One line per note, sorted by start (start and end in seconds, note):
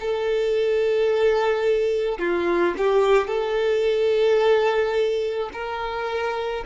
0.00 2.19 A4
2.19 2.74 F4
2.77 3.27 G4
3.27 5.49 A4
5.53 6.64 A#4